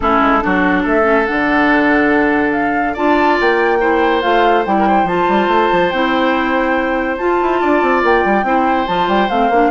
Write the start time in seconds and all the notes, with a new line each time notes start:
0.00 A3 C#4 E4 A4
0.21 G#3
0.40 F#3 D4 F#4
0.82 A3 A4 E5
1.03 C#4
1.26 D3 D4 F#5
2.52 F5
2.93 D4 F4 D5 A5
3.40 A#3 G5
3.80 E4 C5
4.21 A3 F4 F5
4.65 G3 E4 G5
4.78 A#4
4.87 C5
5.03 F3 F4 A5
5.29 G3
5.47 A3
5.71 F3
5.89 C4 E4 G5
7.17 F4 A5
7.41 E4
7.61 D4 D5
7.82 C4
8.03 A#3 G5
8.24 G3
8.43 C4 E4 C5
8.87 F3 F4 A5
9.07 G3 G5
9.29 A3 C4 F5
9.49 A#3 D4